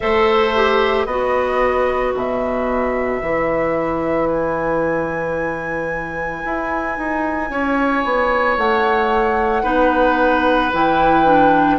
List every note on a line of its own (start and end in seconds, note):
0.00 1.06 A3
0.00 0.54 A4
0.00 1.06 C5
0.00 1.05 E5
0.55 1.08 G4
1.05 2.13 B3
1.05 3.21 F#4
1.05 7.49 B4
1.05 2.12 D#5
2.14 3.21 B2
2.14 4.28 E5
3.21 6.43 E3
3.21 9.63 E4
4.28 8.57 G#5
6.45 6.97 E4
6.97 7.50 D#4
7.50 8.03 C#4
7.50 9.62 C#5
8.04 8.57 B3
8.57 9.63 A3
8.57 10.71 F#5
9.62 10.71 B3
9.62 10.70 D#4
9.62 11.77 B4
10.73 11.78 E3
10.73 11.25 E4
10.73 11.78 G5
11.25 11.78 D4